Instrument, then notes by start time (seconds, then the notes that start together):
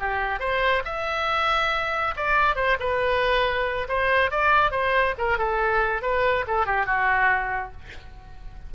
oboe
0.00 G4
0.40 C5
0.85 E5
2.17 D5
2.56 C5
2.80 B4
3.89 C5
4.31 D5
4.71 C5
5.18 A#4
5.38 A4
6.02 B4
6.48 A4
6.67 G4
6.86 F#4